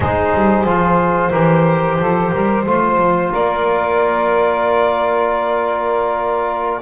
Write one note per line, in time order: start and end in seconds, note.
0.00 0.33 G#3
0.00 0.67 D#4
0.00 1.30 G#4
0.00 3.33 C5
0.34 0.64 G3
0.64 1.30 F3
0.64 1.32 F4
1.30 1.98 E3
1.30 2.65 G4
1.30 1.96 A#4
1.98 2.32 F3
1.98 2.31 A4
2.31 2.65 G3
2.31 2.64 A#4
2.65 2.97 A3
2.65 6.82 F4
2.65 3.31 C5
2.97 3.30 F3
3.31 6.82 A#3
3.31 6.81 A#4
3.31 6.82 D5